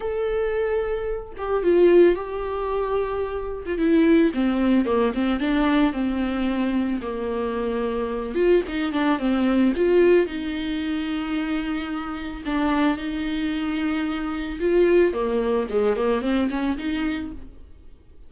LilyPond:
\new Staff \with { instrumentName = "viola" } { \time 4/4 \tempo 4 = 111 a'2~ a'8 g'8 f'4 | g'2~ g'8. f'16 e'4 | c'4 ais8 c'8 d'4 c'4~ | c'4 ais2~ ais8 f'8 |
dis'8 d'8 c'4 f'4 dis'4~ | dis'2. d'4 | dis'2. f'4 | ais4 gis8 ais8 c'8 cis'8 dis'4 | }